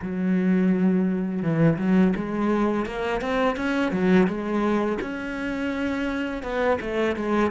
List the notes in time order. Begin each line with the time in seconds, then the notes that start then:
0.02 F#3
1.42 E3
1.78 F#3
2.16 G#3
2.86 A#3
3.21 C4
3.56 C#4
3.91 F#3
4.27 G#3
5.01 C#4
6.43 B3
6.81 A3
7.16 G#3